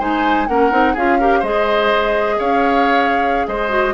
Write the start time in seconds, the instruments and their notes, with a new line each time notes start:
0.00 bassoon G#3, clarinet D#4, oboe C5, flute G#5
0.48 bassoon A#3, clarinet C#4, oboe A#4, flute F#5
0.71 bassoon C4, clarinet D#4
0.94 bassoon C#4, clarinet F4, oboe G#4, flute F5
1.20 clarinet G4, oboe A#4
1.40 bassoon G#3, clarinet G#4, oboe C5, flute D#5
2.39 bassoon C#4, oboe C#5, flute F5
3.48 bassoon G#3, oboe C5, flute D#5
3.69 clarinet F#4